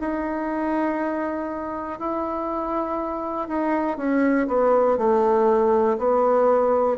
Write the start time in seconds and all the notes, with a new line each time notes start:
0.00 D#4
2.00 E4
3.48 D#4
3.98 C#4
4.48 B3
4.98 A3
5.98 B3